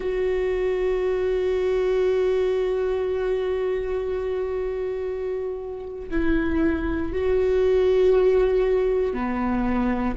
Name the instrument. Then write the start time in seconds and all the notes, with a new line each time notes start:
viola
0.00 F#4
6.10 E4
7.12 F#4
9.13 B3